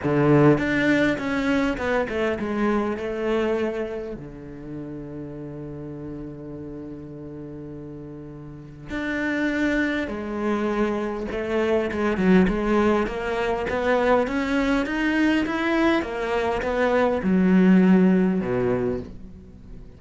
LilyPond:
\new Staff \with { instrumentName = "cello" } { \time 4/4 \tempo 4 = 101 d4 d'4 cis'4 b8 a8 | gis4 a2 d4~ | d1~ | d2. d'4~ |
d'4 gis2 a4 | gis8 fis8 gis4 ais4 b4 | cis'4 dis'4 e'4 ais4 | b4 fis2 b,4 | }